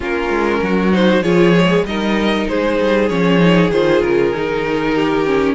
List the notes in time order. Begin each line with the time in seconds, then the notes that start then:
0.00 A#3 C#4 F4 A#4
0.29 G#3
0.62 F#3 F#4
0.92 D#4 C5
1.21 F3 F4 G#4 C#5
1.56 G#3
1.83 G3 D#4 A#4 D#5
2.48 G#3 G#4 C5
2.80 G3
3.08 F3 C#4 C#5
3.39 D#4
3.70 D#3 F4 C5
4.02 C#3 A#4
4.34 D#3 D#4
4.95 G4
5.25 C#4